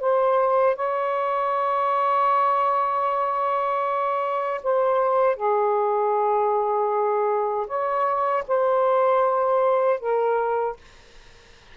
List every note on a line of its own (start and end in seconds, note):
0.00 0.76 C5
0.76 4.61 C#5
4.64 5.36 C5
5.36 7.67 G#4
7.67 8.44 C#5
8.48 10.00 C5
10.00 10.77 A#4